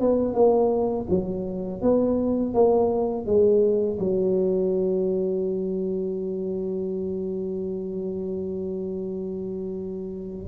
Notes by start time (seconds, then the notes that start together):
0.00 B3
0.34 A#3
1.09 F#3
1.81 B3
2.54 A#3
3.26 G#3
3.99 F#3